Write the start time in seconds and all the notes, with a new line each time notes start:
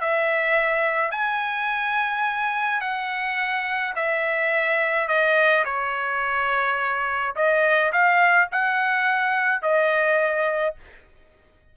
0.00 E5
1.11 G#5
2.81 F#5
3.95 E5
5.08 D#5
5.64 C#5
7.35 D#5
7.92 F5
8.51 F#5
9.61 D#5